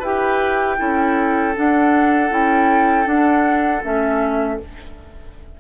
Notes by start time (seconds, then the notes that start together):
0.00 E4 G4 B4 G5
0.78 C#4 E4 A4
1.55 D4 F#5
2.30 C#4 E4 G5
3.06 D4 F#5
3.84 A3 C#4 E5